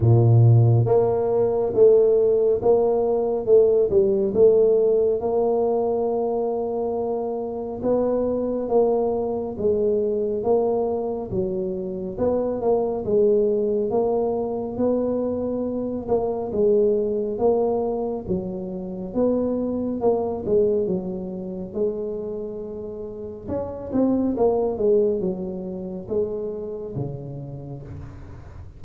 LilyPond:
\new Staff \with { instrumentName = "tuba" } { \time 4/4 \tempo 4 = 69 ais,4 ais4 a4 ais4 | a8 g8 a4 ais2~ | ais4 b4 ais4 gis4 | ais4 fis4 b8 ais8 gis4 |
ais4 b4. ais8 gis4 | ais4 fis4 b4 ais8 gis8 | fis4 gis2 cis'8 c'8 | ais8 gis8 fis4 gis4 cis4 | }